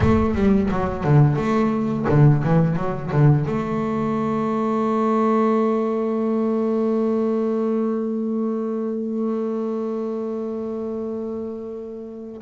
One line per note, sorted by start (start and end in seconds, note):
0.00 0.34 A3
0.34 0.69 G3
0.70 1.04 F#3
1.04 1.36 D3
1.36 2.05 A3
2.08 2.43 D3
2.43 2.76 E3
2.76 3.10 F#3
3.11 3.46 D3
3.46 12.41 A3